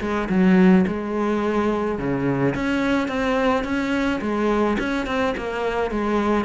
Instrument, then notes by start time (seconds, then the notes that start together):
cello
0.00 G#3
0.29 F#3
0.87 G#3
1.98 C#3
2.54 C#4
3.08 C4
3.64 C#4
4.21 G#3
4.79 C#4
5.06 C4
5.37 A#3
5.91 G#3